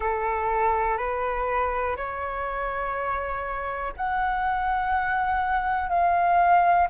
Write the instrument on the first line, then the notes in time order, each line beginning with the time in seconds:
flute
0.00 A4
0.97 B4
1.96 C#5
3.96 F#5
5.89 F5